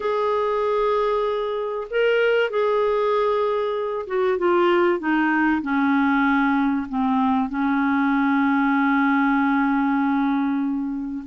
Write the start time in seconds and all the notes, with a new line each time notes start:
0.00 G#4
1.90 A#4
2.49 G#4
4.06 F#4
4.38 F4
4.99 D#4
5.61 C#4
6.89 C4
7.49 C#4